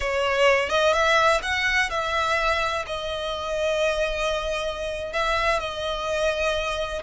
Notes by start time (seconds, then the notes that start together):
0.00 C#5
0.69 D#5
0.93 E5
1.42 F#5
1.90 E5
2.86 D#5
5.13 E5
5.59 D#5